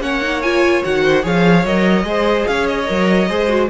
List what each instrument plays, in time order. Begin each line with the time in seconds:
0.00 cello A#3, viola C#4, violin C#5 F#5
0.22 viola D#4
0.42 viola F4, violin G#5
0.83 cello D#3, viola F#4, violin F#5
1.03 violin C5
1.23 cello F3, viola G#4, violin C#5 F5
1.65 cello F#3, viola A#4, violin D#5
2.04 cello G#3, viola G#4, violin C5
2.47 cello C#4, violin C#5 F5
2.67 violin D#5
2.86 cello F#3, viola A#4
3.29 cello G#3, viola G#4, violin C5
3.48 viola F#4